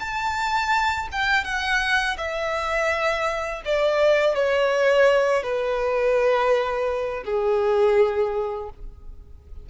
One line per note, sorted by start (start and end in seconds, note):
0.00 1.08 A5
1.12 1.45 G5
1.45 2.17 F#5
2.18 3.62 E5
3.66 4.35 D5
4.35 5.43 C#5
5.43 7.24 B4
7.25 8.70 G#4